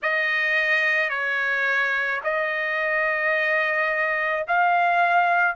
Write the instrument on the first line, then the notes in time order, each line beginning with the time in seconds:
trumpet
0.02 D#5
1.09 C#5
2.23 D#5
4.47 F5